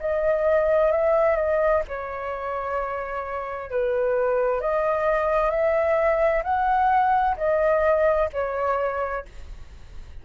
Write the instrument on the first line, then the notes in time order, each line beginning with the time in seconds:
flute
0.00 D#5
0.91 E5
1.36 D#5
1.88 C#5
3.70 B4
4.61 D#5
5.50 E5
6.44 F#5
7.37 D#5
8.33 C#5